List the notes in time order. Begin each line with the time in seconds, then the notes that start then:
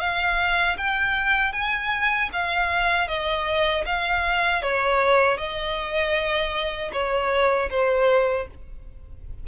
0.00 F5
0.78 G5
1.53 G#5
2.33 F5
3.08 D#5
3.86 F5
4.63 C#5
5.38 D#5
6.93 C#5
7.71 C5